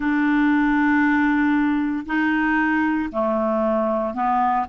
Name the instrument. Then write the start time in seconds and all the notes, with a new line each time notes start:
clarinet
0.00 D4
2.05 D#4
3.11 A3
4.14 B3